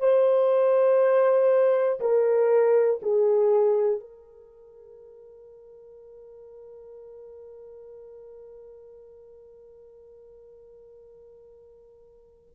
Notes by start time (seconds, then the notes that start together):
0.00 C5
2.00 A#4
3.03 G#4
4.01 A#4